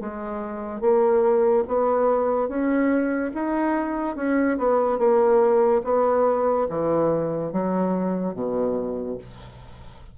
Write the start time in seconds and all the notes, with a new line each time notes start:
0.00 G#3
0.81 A#3
1.68 B3
2.48 C#4
3.34 D#4
4.16 C#4
4.58 B3
4.98 A#3
5.84 B3
6.69 E3
7.52 F#3
8.34 B2